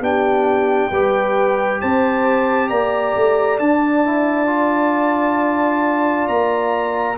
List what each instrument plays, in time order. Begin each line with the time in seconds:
0.00 tuba B3, trombone D4, horn G4, trumpet G5
0.91 tuba G3, trombone G4, horn B4
1.81 tuba C4, horn C5, trumpet A5
2.69 tuba A#3, horn D5, trumpet A#5
3.16 tuba A3
3.59 tuba D4, trombone D4, trumpet A5
4.05 trombone E4
4.46 trombone F4
6.28 tuba A#3, trumpet A#5